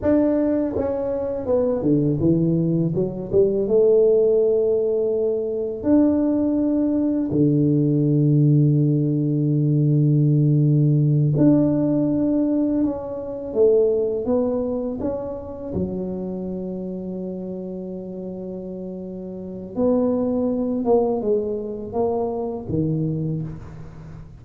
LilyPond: \new Staff \with { instrumentName = "tuba" } { \time 4/4 \tempo 4 = 82 d'4 cis'4 b8 d8 e4 | fis8 g8 a2. | d'2 d2~ | d2.~ d8 d'8~ |
d'4. cis'4 a4 b8~ | b8 cis'4 fis2~ fis8~ | fis2. b4~ | b8 ais8 gis4 ais4 dis4 | }